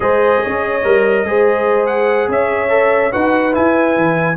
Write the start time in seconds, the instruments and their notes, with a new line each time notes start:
0.00 tuba G#3, trombone G#4, horn C5, trumpet D#5
0.42 tuba C#4, horn C#5
0.84 tuba G3, trombone A#4
1.24 tuba G#3, trombone G#4, horn C5
1.86 trumpet F#5
2.28 tuba C#4, horn C#5, trumpet E5
2.69 trombone A4
3.11 tuba D#4, trombone F#4, horn B4, trumpet F#5
3.52 trombone E4, tuba E4, trumpet G#5
3.96 tuba E3